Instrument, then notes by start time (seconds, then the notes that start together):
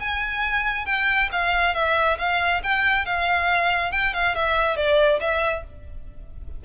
violin
0.00 G#5
0.86 G5
1.33 F5
1.75 E5
2.19 F5
2.64 G5
3.06 F5
3.92 G5
4.14 F5
4.36 E5
4.77 D5
5.21 E5